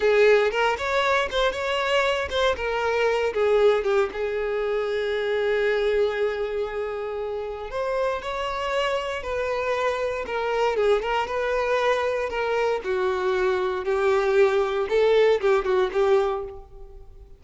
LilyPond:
\new Staff \with { instrumentName = "violin" } { \time 4/4 \tempo 4 = 117 gis'4 ais'8 cis''4 c''8 cis''4~ | cis''8 c''8 ais'4. gis'4 g'8 | gis'1~ | gis'2. c''4 |
cis''2 b'2 | ais'4 gis'8 ais'8 b'2 | ais'4 fis'2 g'4~ | g'4 a'4 g'8 fis'8 g'4 | }